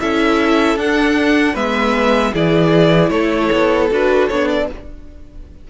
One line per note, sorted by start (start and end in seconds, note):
0.00 0.76 C#4
0.00 0.77 E4
0.00 1.53 A4
0.00 0.78 E5
0.76 1.54 D4
0.76 1.55 D4
0.76 1.56 F#5
1.53 2.33 G#3
1.53 2.33 B3
1.53 2.31 B4
1.53 2.34 E5
2.33 3.10 E3
2.33 3.90 E4
2.33 3.11 G#4
2.33 3.09 D5
3.09 3.49 A3
3.09 4.68 A4
3.09 3.87 C#5
3.52 3.91 B3
3.91 4.30 D4
3.91 4.30 F#4
3.91 4.28 B4
4.28 4.70 B3
4.28 4.70 D4
4.28 4.48 C#5
4.48 4.68 D5